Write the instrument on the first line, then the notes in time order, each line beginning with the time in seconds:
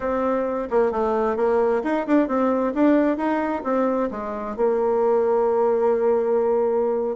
bassoon
0.00 C4
0.70 A#3
0.91 A3
1.36 A#3
1.83 D#4
2.06 D4
2.27 C4
2.74 D4
3.17 D#4
3.64 C4
4.11 G#3
4.56 A#3